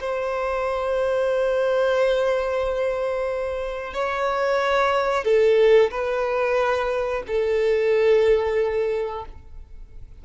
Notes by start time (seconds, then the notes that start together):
0.00 C5
3.94 C#5
5.24 A4
5.91 B4
7.27 A4